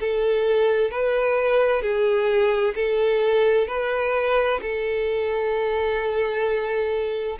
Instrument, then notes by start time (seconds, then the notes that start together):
violin
0.00 A4
0.91 B4
1.82 G#4
2.75 A4
3.68 B4
4.62 A4